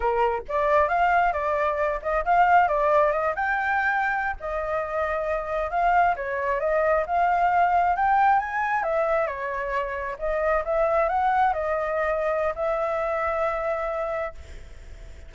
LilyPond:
\new Staff \with { instrumentName = "flute" } { \time 4/4 \tempo 4 = 134 ais'4 d''4 f''4 d''4~ | d''8 dis''8 f''4 d''4 dis''8 g''8~ | g''4.~ g''16 dis''2~ dis''16~ | dis''8. f''4 cis''4 dis''4 f''16~ |
f''4.~ f''16 g''4 gis''4 e''16~ | e''8. cis''2 dis''4 e''16~ | e''8. fis''4 dis''2~ dis''16 | e''1 | }